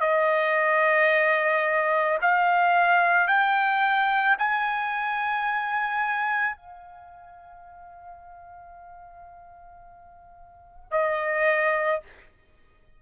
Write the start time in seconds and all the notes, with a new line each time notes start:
0.00 D#5
2.21 F5
3.27 G5
4.38 G#5
6.56 F5
10.91 D#5